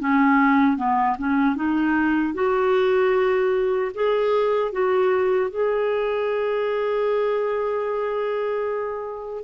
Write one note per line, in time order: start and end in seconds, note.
0.00 0.77 C#4
0.77 1.17 B3
1.19 1.56 C#4
1.56 2.34 D#4
2.34 3.92 F#4
3.95 4.72 G#4
4.72 5.51 F#4
5.51 9.44 G#4